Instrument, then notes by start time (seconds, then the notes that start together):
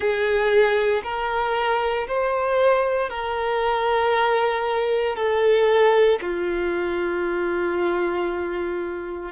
violin
0.00 G#4
1.03 A#4
2.07 C5
3.09 A#4
5.15 A4
6.21 F4